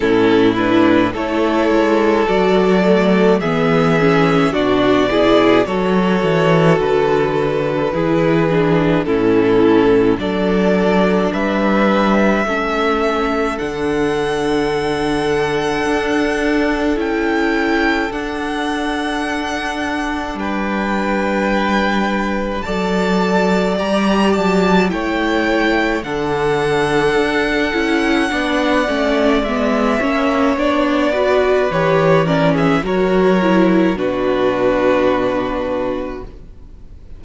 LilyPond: <<
  \new Staff \with { instrumentName = "violin" } { \time 4/4 \tempo 4 = 53 a'8 b'8 cis''4 d''4 e''4 | d''4 cis''4 b'2 | a'4 d''4 e''2 | fis''2. g''4 |
fis''2 g''2 | a''4 ais''8 a''8 g''4 fis''4~ | fis''2 e''4 d''4 | cis''8 d''16 e''16 cis''4 b'2 | }
  \new Staff \with { instrumentName = "violin" } { \time 4/4 e'4 a'2 gis'4 | fis'8 gis'8 a'2 gis'4 | e'4 a'4 b'4 a'4~ | a'1~ |
a'2 b'2 | d''2 cis''4 a'4~ | a'4 d''4. cis''4 b'8~ | b'8 ais'16 gis'16 ais'4 fis'2 | }
  \new Staff \with { instrumentName = "viola" } { \time 4/4 cis'8 d'8 e'4 fis'8 a8 b8 cis'8 | d'8 e'8 fis'2 e'8 d'8 | cis'4 d'2 cis'4 | d'2. e'4 |
d'1 | a'4 g'4 e'4 d'4~ | d'8 e'8 d'8 cis'8 b8 cis'8 d'8 fis'8 | g'8 cis'8 fis'8 e'8 d'2 | }
  \new Staff \with { instrumentName = "cello" } { \time 4/4 a,4 a8 gis8 fis4 e4 | b,4 fis8 e8 d4 e4 | a,4 fis4 g4 a4 | d2 d'4 cis'4 |
d'2 g2 | fis4 g8 fis8 a4 d4 | d'8 cis'8 b8 a8 gis8 ais8 b4 | e4 fis4 b,2 | }
>>